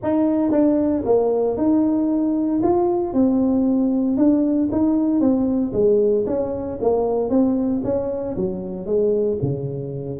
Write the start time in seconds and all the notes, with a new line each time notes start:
0.02 D#4
0.51 D4
1.05 A#3
1.57 D#4
2.63 F4
3.13 C4
4.17 D4
4.71 D#4
5.20 C4
5.72 G#3
6.26 C#4
6.81 A#3
7.29 C4
7.84 C#4
8.36 F#3
8.86 G#3
9.42 C#3